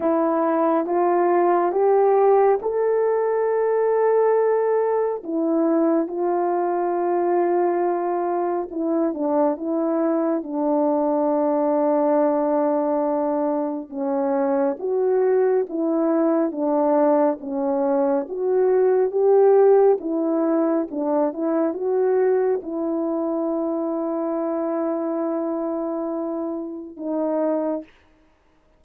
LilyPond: \new Staff \with { instrumentName = "horn" } { \time 4/4 \tempo 4 = 69 e'4 f'4 g'4 a'4~ | a'2 e'4 f'4~ | f'2 e'8 d'8 e'4 | d'1 |
cis'4 fis'4 e'4 d'4 | cis'4 fis'4 g'4 e'4 | d'8 e'8 fis'4 e'2~ | e'2. dis'4 | }